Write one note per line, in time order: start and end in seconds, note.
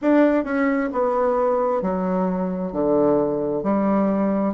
0.01 0.44 D4
0.44 0.89 C#4
0.92 1.82 B3
1.82 2.72 F#3
2.72 3.63 D3
3.63 4.54 G3